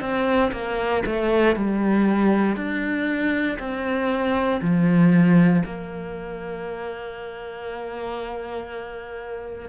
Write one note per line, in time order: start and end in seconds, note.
0.00 0.51 C4
0.52 1.03 A#3
1.06 1.56 A3
1.56 2.56 G3
2.56 3.58 D4
3.59 4.60 C4
4.61 5.63 F3
5.65 9.69 A#3